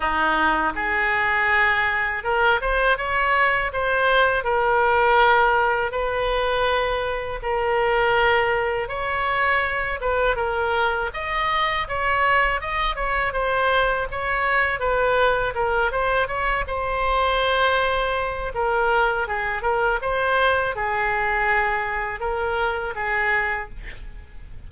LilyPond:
\new Staff \with { instrumentName = "oboe" } { \time 4/4 \tempo 4 = 81 dis'4 gis'2 ais'8 c''8 | cis''4 c''4 ais'2 | b'2 ais'2 | cis''4. b'8 ais'4 dis''4 |
cis''4 dis''8 cis''8 c''4 cis''4 | b'4 ais'8 c''8 cis''8 c''4.~ | c''4 ais'4 gis'8 ais'8 c''4 | gis'2 ais'4 gis'4 | }